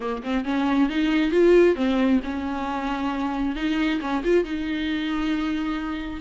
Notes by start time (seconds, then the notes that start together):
0.00 A#3
0.23 C4
0.44 C#4
0.89 D#4
1.31 F4
1.75 C4
2.23 C#4
3.55 D#4
4.00 C#4
4.23 F4
4.44 D#4